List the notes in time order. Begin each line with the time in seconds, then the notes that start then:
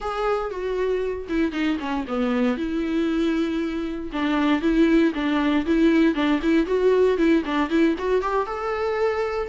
0.00 G#4
0.50 F#4
1.28 E4
1.52 D#4
1.79 C#4
2.07 B3
2.57 E4
4.12 D4
4.61 E4
5.14 D4
5.65 E4
6.14 D4
6.41 E4
6.66 F#4
7.17 E4
7.45 D4
7.69 E4
7.98 F#4
8.21 G4
8.46 A4